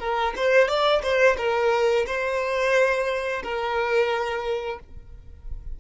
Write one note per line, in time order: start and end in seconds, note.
0.00 0.34 A#4
0.37 0.69 C5
0.69 1.03 D5
1.03 1.37 C5
1.38 2.06 A#4
2.07 3.43 C5
3.43 4.80 A#4